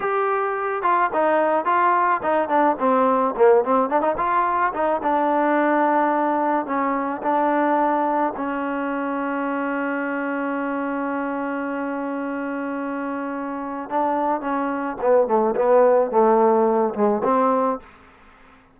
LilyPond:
\new Staff \with { instrumentName = "trombone" } { \time 4/4 \tempo 4 = 108 g'4. f'8 dis'4 f'4 | dis'8 d'8 c'4 ais8 c'8 d'16 dis'16 f'8~ | f'8 dis'8 d'2. | cis'4 d'2 cis'4~ |
cis'1~ | cis'1~ | cis'4 d'4 cis'4 b8 a8 | b4 a4. gis8 c'4 | }